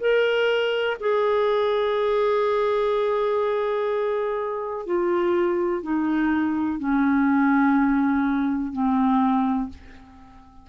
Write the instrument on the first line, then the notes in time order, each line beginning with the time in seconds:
clarinet
0.00 A#4
1.00 G#4
4.86 F4
5.82 D#4
6.79 C#4
8.72 C4